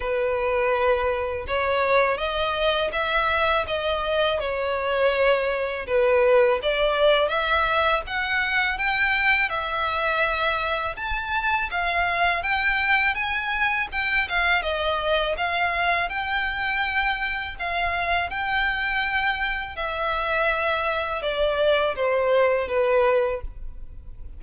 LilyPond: \new Staff \with { instrumentName = "violin" } { \time 4/4 \tempo 4 = 82 b'2 cis''4 dis''4 | e''4 dis''4 cis''2 | b'4 d''4 e''4 fis''4 | g''4 e''2 a''4 |
f''4 g''4 gis''4 g''8 f''8 | dis''4 f''4 g''2 | f''4 g''2 e''4~ | e''4 d''4 c''4 b'4 | }